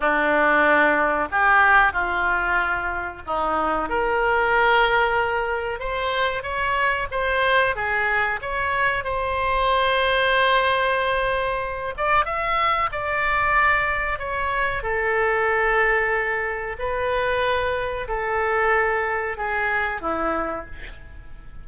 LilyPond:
\new Staff \with { instrumentName = "oboe" } { \time 4/4 \tempo 4 = 93 d'2 g'4 f'4~ | f'4 dis'4 ais'2~ | ais'4 c''4 cis''4 c''4 | gis'4 cis''4 c''2~ |
c''2~ c''8 d''8 e''4 | d''2 cis''4 a'4~ | a'2 b'2 | a'2 gis'4 e'4 | }